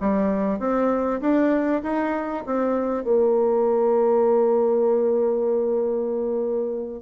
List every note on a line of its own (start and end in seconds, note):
0.00 0.59 G3
0.59 1.20 C4
1.20 1.81 D4
1.82 2.44 D#4
2.46 3.04 C4
3.04 7.02 A#3